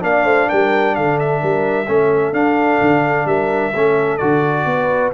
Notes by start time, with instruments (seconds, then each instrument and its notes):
0.00 tuba A#3, trombone D4, horn D5, trumpet F5
0.24 tuba A3, horn C5
0.49 tuba G3, horn A#4, trumpet G5
0.95 tuba D3, horn A4, trumpet F5
1.19 trumpet E5
1.41 tuba G3, horn A#4
1.87 tuba A3, trombone C#4, horn A4
2.32 tuba D4, trombone D4, trumpet F5
2.81 tuba D3
3.25 tuba G3, horn A#4, trumpet E5
3.72 tuba A3, trombone C#4, horn A4
4.17 tuba D3, trombone F#4, trumpet D5
4.65 tuba B3, horn B4